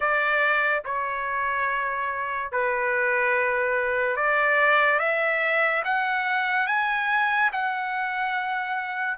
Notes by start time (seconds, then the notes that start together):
0.00 D5
0.84 C#5
2.51 B4
4.16 D5
4.99 E5
5.84 F#5
6.67 G#5
7.52 F#5